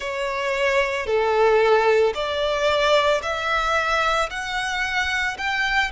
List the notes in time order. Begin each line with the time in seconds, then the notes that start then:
0.00 C#5
1.06 A4
2.14 D5
3.22 E5
4.30 F#5
5.37 G5